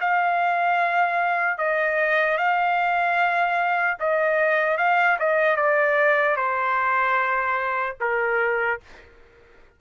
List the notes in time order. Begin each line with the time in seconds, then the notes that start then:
0.00 F5
1.58 D#5
2.37 F5
3.99 D#5
4.77 F5
5.19 D#5
5.56 D5
6.36 C5
8.00 A#4